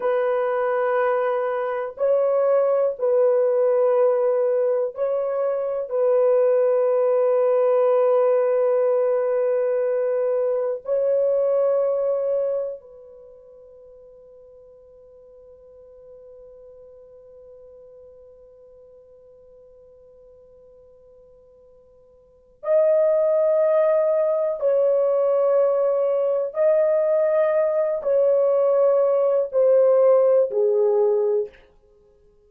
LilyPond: \new Staff \with { instrumentName = "horn" } { \time 4/4 \tempo 4 = 61 b'2 cis''4 b'4~ | b'4 cis''4 b'2~ | b'2. cis''4~ | cis''4 b'2.~ |
b'1~ | b'2. dis''4~ | dis''4 cis''2 dis''4~ | dis''8 cis''4. c''4 gis'4 | }